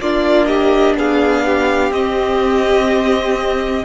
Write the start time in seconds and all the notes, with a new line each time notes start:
0.00 A#3 D4 F4 D5
0.47 G4 D#5
0.95 B3 G#4 F5
1.46 G4
1.91 C4 D#5